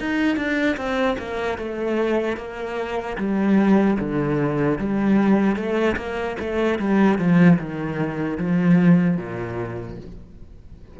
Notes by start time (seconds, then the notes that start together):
0.00 D#4
0.36 D4
0.77 C4
1.19 A#3
1.58 A3
2.37 A#3
3.18 G3
4.00 D3
4.79 G3
5.56 A3
5.97 A#3
6.40 A3
6.79 G3
7.19 F3
7.59 D#3
8.37 F3
9.17 A#2